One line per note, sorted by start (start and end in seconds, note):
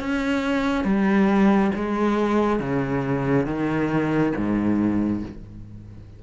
0.00 0.84 C#4
0.84 1.71 G3
1.75 2.59 G#3
2.59 3.46 C#3
3.46 4.33 D#3
4.36 5.23 G#2